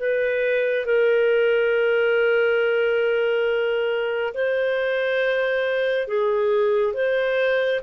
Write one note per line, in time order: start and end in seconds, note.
0.00 0.86 B4
0.86 4.34 A#4
4.34 6.08 C5
6.08 6.94 G#4
6.94 7.81 C5